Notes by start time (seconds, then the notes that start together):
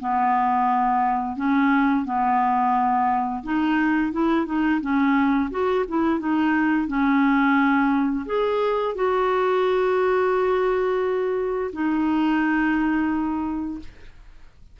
0.00 B3
1.36 C#4
2.05 B3
3.44 D#4
4.13 E4
4.46 D#4
4.81 C#4
5.50 F#4
5.88 E4
6.19 D#4
6.87 C#4
8.26 G#4
8.95 F#4
11.73 D#4